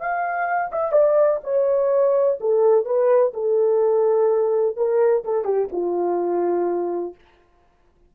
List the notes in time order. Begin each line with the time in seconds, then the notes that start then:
0.00 F5
0.72 E5
0.92 D5
1.44 C#5
2.41 A4
2.85 B4
3.34 A4
4.76 A#4
5.24 A4
5.44 G4
5.72 F4